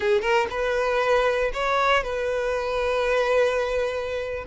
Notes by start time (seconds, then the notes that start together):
0.00 G#4
0.21 A#4
0.49 B4
1.53 C#5
2.03 B4